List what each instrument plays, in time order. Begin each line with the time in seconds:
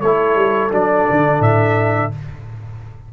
0.00 tuba A3, trombone E4, horn A4, trumpet C#5
0.35 tuba G3
0.70 tuba F#3, trombone D4, trumpet D5
1.10 tuba D3
1.40 tuba A2, trumpet E5